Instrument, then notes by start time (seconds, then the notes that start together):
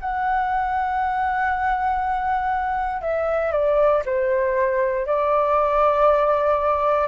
flute
0.00 F#5
3.01 E5
3.51 D5
4.05 C5
5.06 D5